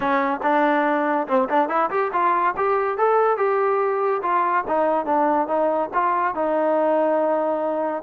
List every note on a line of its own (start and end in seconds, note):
0.00 0.40 C#4
0.42 1.27 D4
1.27 1.48 C4
1.49 1.68 D4
1.68 1.90 E4
1.90 2.11 G4
2.12 2.54 F4
2.56 2.97 G4
2.97 3.37 A4
3.37 4.21 G4
4.22 4.64 F4
4.67 5.05 D#4
5.05 5.47 D4
5.47 5.89 D#4
5.93 6.35 F4
6.35 8.03 D#4